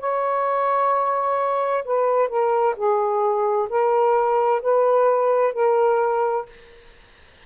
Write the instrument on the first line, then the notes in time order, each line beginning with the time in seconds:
saxophone
0.00 C#5
1.85 B4
2.29 A#4
2.77 G#4
3.70 A#4
4.63 B4
5.54 A#4